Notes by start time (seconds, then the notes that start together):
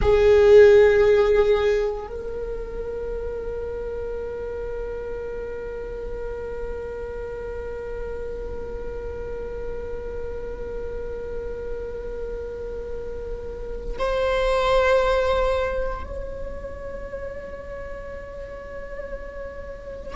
0.01 G#4
2.07 A#4
13.98 C5
16.03 C#5